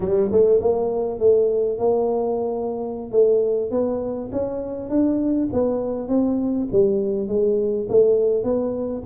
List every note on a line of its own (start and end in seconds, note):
0.00 0.30 G3
0.32 0.60 A3
0.60 1.19 A#3
1.19 1.78 A3
1.78 3.11 A#3
3.11 3.70 A3
3.70 4.30 B3
4.32 4.89 C#4
4.89 5.48 D4
5.52 6.08 B3
6.08 6.68 C4
6.72 7.28 G3
7.28 7.87 G#3
7.89 8.43 A3
8.43 9.03 B3